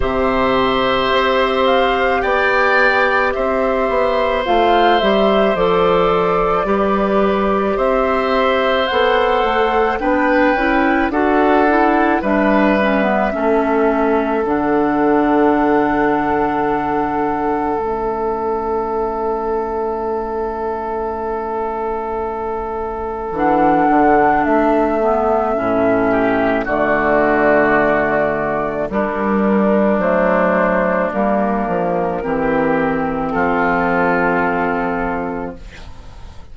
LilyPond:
<<
  \new Staff \with { instrumentName = "flute" } { \time 4/4 \tempo 4 = 54 e''4. f''8 g''4 e''4 | f''8 e''8 d''2 e''4 | fis''4 g''4 fis''4 e''4~ | e''4 fis''2. |
e''1~ | e''4 fis''4 e''2 | d''2 ais'4 c''4 | ais'2 a'2 | }
  \new Staff \with { instrumentName = "oboe" } { \time 4/4 c''2 d''4 c''4~ | c''2 b'4 c''4~ | c''4 b'4 a'4 b'4 | a'1~ |
a'1~ | a'2.~ a'8 g'8 | fis'2 d'2~ | d'4 g'4 f'2 | }
  \new Staff \with { instrumentName = "clarinet" } { \time 4/4 g'1 | f'8 g'8 a'4 g'2 | a'4 d'8 e'8 fis'8 e'8 d'8 cis'16 b16 | cis'4 d'2. |
cis'1~ | cis'4 d'4. b8 cis'4 | a2 g4 a4 | ais4 c'2. | }
  \new Staff \with { instrumentName = "bassoon" } { \time 4/4 c4 c'4 b4 c'8 b8 | a8 g8 f4 g4 c'4 | b8 a8 b8 cis'8 d'4 g4 | a4 d2. |
a1~ | a4 e8 d8 a4 a,4 | d2 g4 fis4 | g8 f8 e4 f2 | }
>>